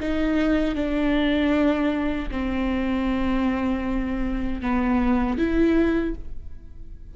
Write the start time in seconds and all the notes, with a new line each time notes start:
0.00 D#4
0.76 D4
2.31 C4
4.62 B3
5.38 E4